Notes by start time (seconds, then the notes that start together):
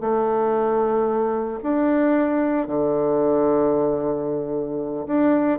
0.00 A3
1.63 D4
2.67 D3
5.06 D4